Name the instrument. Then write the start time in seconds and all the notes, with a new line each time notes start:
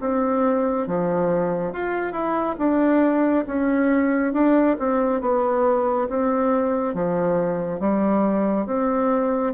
bassoon
0.00 C4
0.87 F3
1.72 F4
2.12 E4
2.58 D4
3.47 C#4
4.33 D4
4.79 C4
5.21 B3
6.09 C4
6.94 F3
7.79 G3
8.66 C4